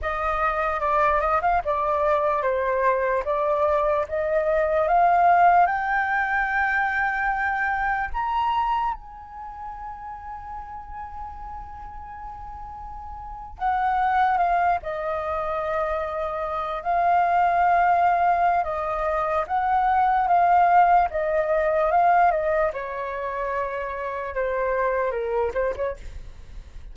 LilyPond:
\new Staff \with { instrumentName = "flute" } { \time 4/4 \tempo 4 = 74 dis''4 d''8 dis''16 f''16 d''4 c''4 | d''4 dis''4 f''4 g''4~ | g''2 ais''4 gis''4~ | gis''1~ |
gis''8. fis''4 f''8 dis''4.~ dis''16~ | dis''8. f''2~ f''16 dis''4 | fis''4 f''4 dis''4 f''8 dis''8 | cis''2 c''4 ais'8 c''16 cis''16 | }